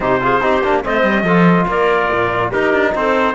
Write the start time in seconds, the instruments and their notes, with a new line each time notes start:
0.00 cello C3, trombone D#4, clarinet G4, trumpet C5
0.21 trombone F4, clarinet G#4
0.41 cello C4, trombone D#4, clarinet G4
0.63 cello A#3, trombone D4
0.83 cello A3, trombone C4, clarinet C5, trumpet D#5
1.03 cello G3
1.23 cello F3, trombone F4, clarinet A4
1.67 cello A#3, clarinet A#4, trumpet D5
2.11 cello A#2
2.49 trombone D#4, cello D#4, clarinet G4, trumpet A#4
2.73 cello D4
2.94 cello C4, clarinet A4, trumpet C5